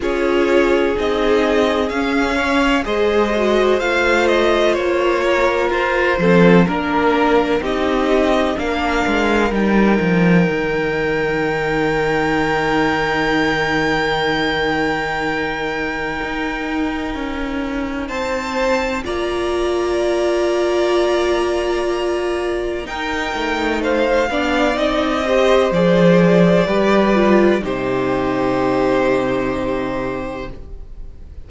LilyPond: <<
  \new Staff \with { instrumentName = "violin" } { \time 4/4 \tempo 4 = 63 cis''4 dis''4 f''4 dis''4 | f''8 dis''8 cis''4 c''4 ais'4 | dis''4 f''4 g''2~ | g''1~ |
g''2. a''4 | ais''1 | g''4 f''4 dis''4 d''4~ | d''4 c''2. | }
  \new Staff \with { instrumentName = "violin" } { \time 4/4 gis'2~ gis'8 cis''8 c''4~ | c''4. ais'4 a'8 ais'4 | g'4 ais'2.~ | ais'1~ |
ais'2. c''4 | d''1 | ais'4 c''8 d''4 c''4. | b'4 g'2. | }
  \new Staff \with { instrumentName = "viola" } { \time 4/4 f'4 dis'4 cis'4 gis'8 fis'8 | f'2~ f'8 c'8 d'4 | dis'4 d'4 dis'2~ | dis'1~ |
dis'1 | f'1 | dis'4. d'8 dis'8 g'8 gis'4 | g'8 f'8 dis'2. | }
  \new Staff \with { instrumentName = "cello" } { \time 4/4 cis'4 c'4 cis'4 gis4 | a4 ais4 f'8 f8 ais4 | c'4 ais8 gis8 g8 f8 dis4~ | dis1~ |
dis4 dis'4 cis'4 c'4 | ais1 | dis'8 a4 b8 c'4 f4 | g4 c2. | }
>>